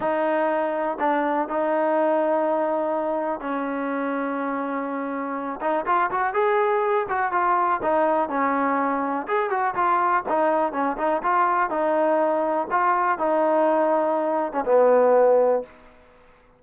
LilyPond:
\new Staff \with { instrumentName = "trombone" } { \time 4/4 \tempo 4 = 123 dis'2 d'4 dis'4~ | dis'2. cis'4~ | cis'2.~ cis'8 dis'8 | f'8 fis'8 gis'4. fis'8 f'4 |
dis'4 cis'2 gis'8 fis'8 | f'4 dis'4 cis'8 dis'8 f'4 | dis'2 f'4 dis'4~ | dis'4.~ dis'16 cis'16 b2 | }